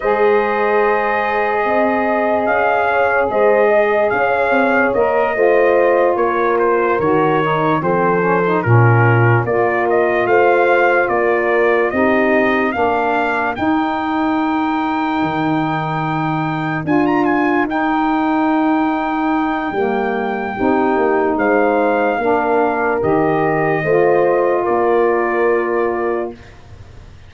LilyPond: <<
  \new Staff \with { instrumentName = "trumpet" } { \time 4/4 \tempo 4 = 73 dis''2. f''4 | dis''4 f''4 dis''4. cis''8 | c''8 cis''4 c''4 ais'4 d''8 | dis''8 f''4 d''4 dis''4 f''8~ |
f''8 g''2.~ g''8~ | g''8 gis''16 ais''16 gis''8 g''2~ g''8~ | g''2 f''2 | dis''2 d''2 | }
  \new Staff \with { instrumentName = "horn" } { \time 4/4 c''2 dis''4. cis''8 | c''8 dis''8 cis''4. c''4 ais'8~ | ais'4. a'4 f'4 ais'8~ | ais'8 c''4 ais'4 g'4 ais'8~ |
ais'1~ | ais'1~ | ais'4 g'4 c''4 ais'4~ | ais'4 c''4 ais'2 | }
  \new Staff \with { instrumentName = "saxophone" } { \time 4/4 gis'1~ | gis'2 ais'8 f'4.~ | f'8 fis'8 dis'8 c'8 cis'16 dis'16 cis'4 f'8~ | f'2~ f'8 dis'4 d'8~ |
d'8 dis'2.~ dis'8~ | dis'8 f'4 dis'2~ dis'8 | ais4 dis'2 d'4 | g'4 f'2. | }
  \new Staff \with { instrumentName = "tuba" } { \time 4/4 gis2 c'4 cis'4 | gis4 cis'8 c'8 ais8 a4 ais8~ | ais8 dis4 f4 ais,4 ais8~ | ais8 a4 ais4 c'4 ais8~ |
ais8 dis'2 dis4.~ | dis8 d'4 dis'2~ dis'8 | g4 c'8 ais8 gis4 ais4 | dis4 a4 ais2 | }
>>